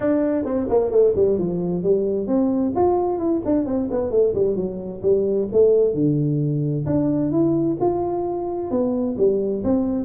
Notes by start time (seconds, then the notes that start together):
0.00 D4
0.45 C4
0.69 A#3
0.90 A3
1.15 G3
1.38 F3
1.83 G3
2.27 C4
2.75 F4
3.18 E4
3.45 D4
3.66 C4
3.90 B3
4.11 A3
4.34 G3
4.56 F#3
5.02 G3
5.52 A3
5.94 D3
6.86 D4
7.31 E4
7.80 F4
8.70 B3
9.17 G3
9.63 C4